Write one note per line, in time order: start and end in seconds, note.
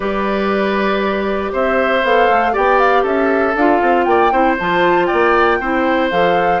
0.00 1.50 G3
0.00 2.02 G4
0.00 1.51 B4
0.00 1.52 D5
1.52 2.03 C4
1.52 2.52 C5
1.52 2.04 E5
2.03 2.28 B3
2.03 2.52 A4
2.03 2.55 F5
2.30 2.55 A3
2.52 3.03 B3
2.52 3.54 G4
2.52 3.02 D5
2.52 2.79 G5
2.79 3.04 F5
3.02 3.54 C#4
3.02 4.04 A4
3.02 3.56 E5
3.55 3.80 D4
3.55 4.31 F4
3.55 4.03 F5
3.81 4.06 C4
4.03 4.31 A#3
4.03 4.32 D5
4.03 4.54 G5
4.31 4.57 C4
4.31 4.57 E4
4.31 5.07 C5
4.59 5.10 F3
4.59 5.61 F4
4.59 5.06 A5
5.06 5.58 D5
5.06 6.07 G5
5.12 5.60 A#3
5.60 6.10 C4
5.60 6.10 E4
5.60 6.60 C5
6.10 6.60 F3
6.10 6.60 A4
6.10 6.60 F5